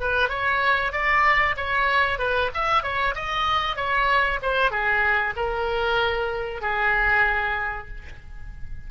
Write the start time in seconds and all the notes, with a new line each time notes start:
0.00 B4
0.28 C#5
0.92 D5
1.56 C#5
2.18 B4
2.54 E5
2.83 C#5
3.15 D#5
3.76 C#5
4.42 C5
4.71 G#4
5.36 A#4
6.61 G#4